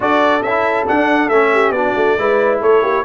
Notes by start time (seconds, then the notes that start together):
0.00 D4 F#4 A4 D5
0.42 C#4 E4 E5
0.86 D4 F#5
1.28 A3 C#4 E5
1.53 G4
1.70 B3 D4 F#4 D5
1.96 A3
2.18 G#3 E4 B4
2.61 A3 A4 C#5
2.81 A#3 G4